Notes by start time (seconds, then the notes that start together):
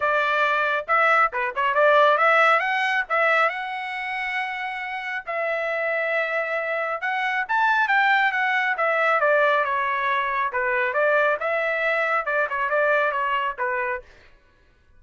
0.00 D5
0.87 E5
1.32 B4
1.55 C#5
1.74 D5
2.17 E5
2.59 F#5
3.09 E5
3.49 F#5
5.26 E5
7.01 F#5
7.48 A5
7.88 G5
8.32 F#5
8.77 E5
9.20 D5
9.64 C#5
10.52 B4
10.93 D5
11.40 E5
12.25 D5
12.49 C#5
12.69 D5
13.11 C#5
13.58 B4